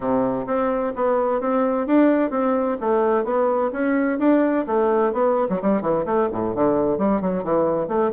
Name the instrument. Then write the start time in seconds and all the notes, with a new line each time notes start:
bassoon
0.00 C3
0.46 C4
0.95 B3
1.41 C4
1.86 D4
2.30 C4
2.80 A3
3.24 B3
3.72 C#4
4.19 D4
4.66 A3
5.12 B3
5.49 F#3
5.61 G3
5.81 E3
6.05 A3
6.32 A2
6.54 D3
6.98 G3
7.21 F#3
7.43 E3
7.88 A3